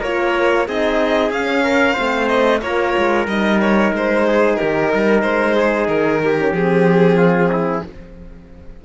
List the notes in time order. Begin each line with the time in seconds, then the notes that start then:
0.00 A#3 F4 A#4 C#5
0.67 C4 D#4 G#4 D#5
1.30 C#4 F5
1.64 A#4
1.94 A3 C4 C5
2.28 D#5
2.62 A#3 F4 A#4 C#5
2.98 G#3
3.27 G3 D#4 D#5
3.61 C#5
3.92 G#3 C5
4.27 G#4
4.55 G4 A#4
4.62 D#3
4.94 G3 A#4
5.22 G#3 C5
5.56 G#4
5.88 D#3 A#4
6.25 G4
6.38 C#4
6.52 F3 C4 G#4
7.17 F4
7.52 E4